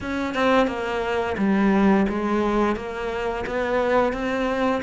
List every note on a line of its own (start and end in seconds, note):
0.00 0.34 C#4
0.34 0.67 C4
0.67 1.36 A#3
1.37 2.06 G3
2.08 2.76 G#3
2.76 3.45 A#3
3.46 4.12 B3
4.12 4.81 C4